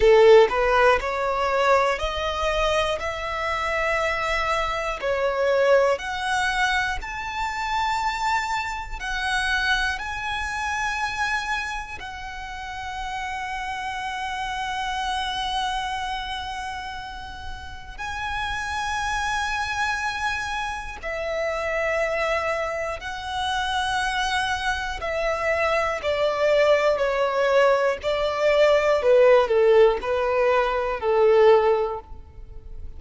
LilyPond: \new Staff \with { instrumentName = "violin" } { \time 4/4 \tempo 4 = 60 a'8 b'8 cis''4 dis''4 e''4~ | e''4 cis''4 fis''4 a''4~ | a''4 fis''4 gis''2 | fis''1~ |
fis''2 gis''2~ | gis''4 e''2 fis''4~ | fis''4 e''4 d''4 cis''4 | d''4 b'8 a'8 b'4 a'4 | }